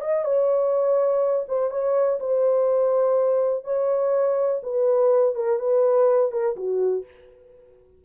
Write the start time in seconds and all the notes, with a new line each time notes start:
0.00 D#5
0.24 C#5
1.48 C5
1.70 C#5
2.19 C5
3.64 C#5
4.63 B4
5.35 A#4
5.59 B4
6.31 A#4
6.56 F#4